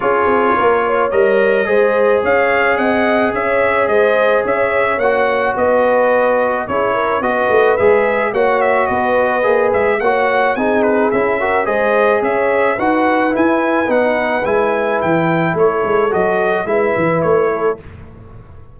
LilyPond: <<
  \new Staff \with { instrumentName = "trumpet" } { \time 4/4 \tempo 4 = 108 cis''2 dis''2 | f''4 fis''4 e''4 dis''4 | e''4 fis''4 dis''2 | cis''4 dis''4 e''4 fis''8 e''8 |
dis''4. e''8 fis''4 gis''8 b'8 | e''4 dis''4 e''4 fis''4 | gis''4 fis''4 gis''4 g''4 | cis''4 dis''4 e''4 cis''4 | }
  \new Staff \with { instrumentName = "horn" } { \time 4/4 gis'4 ais'8 cis''4. c''4 | cis''4 dis''4 cis''4 c''4 | cis''2 b'2 | gis'8 ais'8 b'2 cis''4 |
b'2 cis''4 gis'4~ | gis'8 ais'8 c''4 cis''4 b'4~ | b'1 | a'2 b'4. a'8 | }
  \new Staff \with { instrumentName = "trombone" } { \time 4/4 f'2 ais'4 gis'4~ | gis'1~ | gis'4 fis'2. | e'4 fis'4 gis'4 fis'4~ |
fis'4 gis'4 fis'4 dis'4 | e'8 fis'8 gis'2 fis'4 | e'4 dis'4 e'2~ | e'4 fis'4 e'2 | }
  \new Staff \with { instrumentName = "tuba" } { \time 4/4 cis'8 c'8 ais4 g4 gis4 | cis'4 c'4 cis'4 gis4 | cis'4 ais4 b2 | cis'4 b8 a8 gis4 ais4 |
b4 ais8 gis8 ais4 c'4 | cis'4 gis4 cis'4 dis'4 | e'4 b4 gis4 e4 | a8 gis8 fis4 gis8 e8 a4 | }
>>